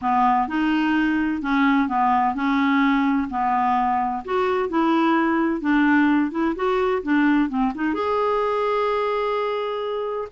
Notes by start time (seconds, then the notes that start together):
0.01 B3
0.48 D#4
1.41 C#4
1.88 B3
2.34 C#4
3.30 B3
4.24 F#4
4.69 E4
5.60 D4
6.31 E4
6.55 F#4
7.02 D4
7.49 C4
7.74 D#4
7.93 G#4